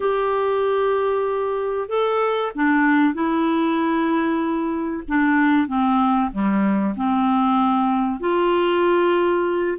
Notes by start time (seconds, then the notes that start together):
0.00 G4
1.89 A4
2.55 D4
3.13 E4
5.08 D4
5.67 C4
6.31 G3
6.96 C4
8.20 F4